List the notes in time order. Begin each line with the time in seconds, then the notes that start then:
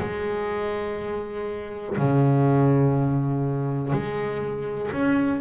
0.00 G#3
1.98 C#3
3.93 G#3
4.92 C#4